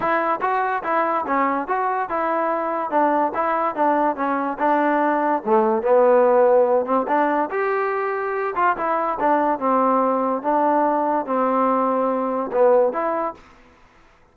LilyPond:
\new Staff \with { instrumentName = "trombone" } { \time 4/4 \tempo 4 = 144 e'4 fis'4 e'4 cis'4 | fis'4 e'2 d'4 | e'4 d'4 cis'4 d'4~ | d'4 a4 b2~ |
b8 c'8 d'4 g'2~ | g'8 f'8 e'4 d'4 c'4~ | c'4 d'2 c'4~ | c'2 b4 e'4 | }